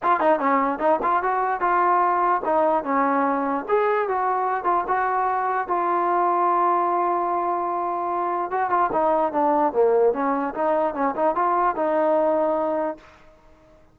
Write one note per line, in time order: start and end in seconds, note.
0.02 0.20 F4
0.20 0.39 D#4
0.39 0.79 C#4
0.79 0.99 D#4
1.02 1.22 F4
1.22 1.60 F#4
1.60 2.41 F4
2.45 2.84 D#4
2.84 3.65 C#4
3.68 4.08 G#4
4.08 4.64 F#4
4.64 4.84 F4
4.87 5.67 F#4
5.67 8.50 F4
8.50 8.69 F#4
8.69 8.90 F4
8.92 9.32 D#4
9.32 9.73 D4
9.73 10.13 A#3
10.13 10.54 C#4
10.54 10.94 D#4
10.94 11.14 C#4
11.15 11.35 D#4
11.35 11.75 F4
11.75 12.97 D#4